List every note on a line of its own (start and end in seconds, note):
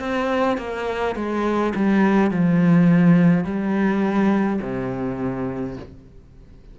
0.00 0.58 C4
0.58 1.15 A#3
1.16 1.74 G#3
1.75 2.31 G3
2.31 3.45 F3
3.45 4.60 G3
4.62 5.77 C3